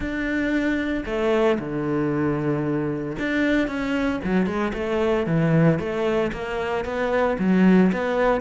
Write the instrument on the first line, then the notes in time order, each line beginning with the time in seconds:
cello
0.00 D4
1.05 A3
1.59 D3
3.18 D4
3.67 C#4
4.23 F#3
4.46 G#3
4.73 A3
5.26 E3
5.79 A3
6.32 A#3
6.84 B3
7.39 F#3
7.92 B3